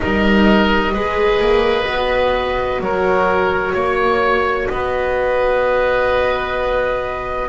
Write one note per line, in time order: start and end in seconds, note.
0.00 0.95 G3
0.00 0.91 D#4
0.00 0.93 A#4
0.00 2.82 D#5
0.93 1.40 G#3
0.93 1.84 G#4
0.93 2.81 B4
1.40 1.86 A#3
1.84 2.80 B3
1.84 7.47 F#4
2.80 3.73 F#3
2.80 3.73 A#4
2.80 4.69 C#5
3.73 4.68 A#3
3.73 4.67 C#5
4.69 7.48 B3
4.69 7.48 B4
4.69 7.48 D#5